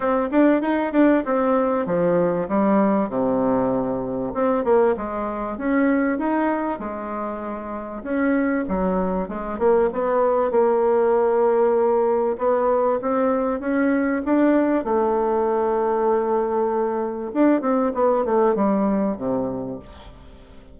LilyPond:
\new Staff \with { instrumentName = "bassoon" } { \time 4/4 \tempo 4 = 97 c'8 d'8 dis'8 d'8 c'4 f4 | g4 c2 c'8 ais8 | gis4 cis'4 dis'4 gis4~ | gis4 cis'4 fis4 gis8 ais8 |
b4 ais2. | b4 c'4 cis'4 d'4 | a1 | d'8 c'8 b8 a8 g4 c4 | }